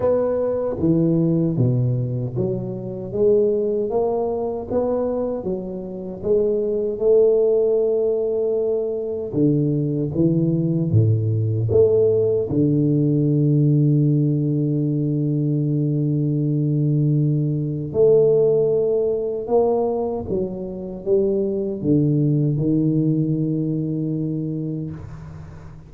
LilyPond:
\new Staff \with { instrumentName = "tuba" } { \time 4/4 \tempo 4 = 77 b4 e4 b,4 fis4 | gis4 ais4 b4 fis4 | gis4 a2. | d4 e4 a,4 a4 |
d1~ | d2. a4~ | a4 ais4 fis4 g4 | d4 dis2. | }